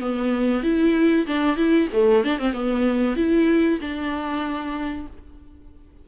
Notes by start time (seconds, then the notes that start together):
0.00 B3
0.63 E4
1.27 D4
1.56 E4
1.93 A3
2.24 D4
2.39 C4
2.53 B3
3.16 E4
3.81 D4